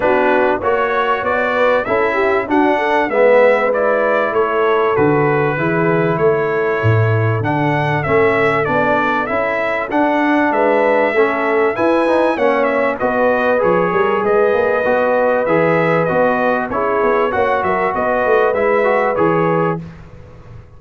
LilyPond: <<
  \new Staff \with { instrumentName = "trumpet" } { \time 4/4 \tempo 4 = 97 b'4 cis''4 d''4 e''4 | fis''4 e''4 d''4 cis''4 | b'2 cis''2 | fis''4 e''4 d''4 e''4 |
fis''4 e''2 gis''4 | fis''8 e''8 dis''4 cis''4 dis''4~ | dis''4 e''4 dis''4 cis''4 | fis''8 e''8 dis''4 e''4 cis''4 | }
  \new Staff \with { instrumentName = "horn" } { \time 4/4 fis'4 cis''4. b'8 a'8 g'8 | fis'8 a'8 b'2 a'4~ | a'4 gis'4 a'2~ | a'1~ |
a'4 b'4 a'4 b'4 | cis''4 b'4. ais'8 b'4~ | b'2. gis'4 | cis''8 ais'8 b'2. | }
  \new Staff \with { instrumentName = "trombone" } { \time 4/4 d'4 fis'2 e'4 | d'4 b4 e'2 | fis'4 e'2. | d'4 cis'4 d'4 e'4 |
d'2 cis'4 e'8 dis'8 | cis'4 fis'4 gis'2 | fis'4 gis'4 fis'4 e'4 | fis'2 e'8 fis'8 gis'4 | }
  \new Staff \with { instrumentName = "tuba" } { \time 4/4 b4 ais4 b4 cis'4 | d'4 gis2 a4 | d4 e4 a4 a,4 | d4 a4 b4 cis'4 |
d'4 gis4 a4 e'4 | ais4 b4 f8 g8 gis8 ais8 | b4 e4 b4 cis'8 b8 | ais8 fis8 b8 a8 gis4 e4 | }
>>